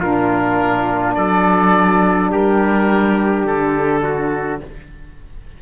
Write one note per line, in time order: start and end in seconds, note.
0.00 1.17 A#2
0.00 4.62 D4
0.00 1.15 F4
0.00 1.14 A#4
1.14 2.32 F#3
1.14 2.31 A4
1.14 2.30 D5
2.31 3.45 G3
2.31 4.03 G4
2.31 3.46 A#4
3.45 4.61 D3
3.45 4.61 A4
4.03 4.61 F#4